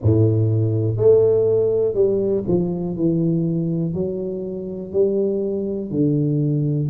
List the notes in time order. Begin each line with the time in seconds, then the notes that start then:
0.02 A2
0.97 A3
1.94 G3
2.47 F3
2.96 E3
3.93 F#3
4.92 G3
5.90 D3